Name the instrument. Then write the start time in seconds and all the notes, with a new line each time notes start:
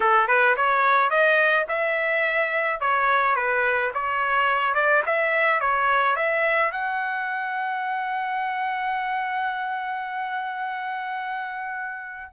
trumpet
0.00 A4
0.27 B4
0.56 C#5
1.10 D#5
1.68 E5
2.80 C#5
3.35 B4
3.94 C#5
4.74 D5
5.06 E5
5.60 C#5
6.16 E5
6.71 F#5